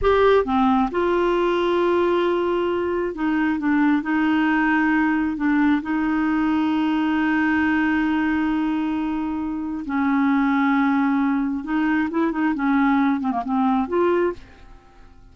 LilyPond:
\new Staff \with { instrumentName = "clarinet" } { \time 4/4 \tempo 4 = 134 g'4 c'4 f'2~ | f'2. dis'4 | d'4 dis'2. | d'4 dis'2.~ |
dis'1~ | dis'2 cis'2~ | cis'2 dis'4 e'8 dis'8 | cis'4. c'16 ais16 c'4 f'4 | }